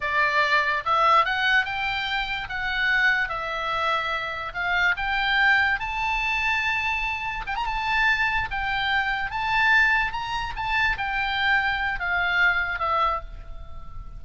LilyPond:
\new Staff \with { instrumentName = "oboe" } { \time 4/4 \tempo 4 = 145 d''2 e''4 fis''4 | g''2 fis''2 | e''2. f''4 | g''2 a''2~ |
a''2 g''16 ais''16 a''4.~ | a''8 g''2 a''4.~ | a''8 ais''4 a''4 g''4.~ | g''4 f''2 e''4 | }